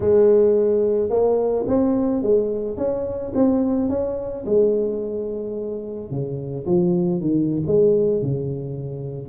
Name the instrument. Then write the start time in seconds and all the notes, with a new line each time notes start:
tuba
0.00 G#3
1.09 A#3
1.67 C4
2.22 G#3
2.77 C#4
3.34 C4
3.89 C#4
4.45 G#3
6.10 C#3
6.66 F3
7.20 D#3
7.67 G#3
8.22 C#3